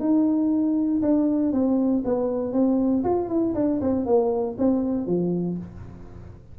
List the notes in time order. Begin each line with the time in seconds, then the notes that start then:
0.00 D#4
1.02 D4
1.52 C4
2.05 B3
2.53 C4
3.04 F4
3.29 E4
3.55 D4
3.81 C4
4.06 A#3
4.59 C4
5.07 F3